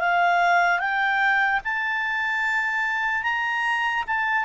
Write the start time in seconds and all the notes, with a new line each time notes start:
0.00 F5
0.79 G5
1.64 A5
3.23 A#5
4.07 A5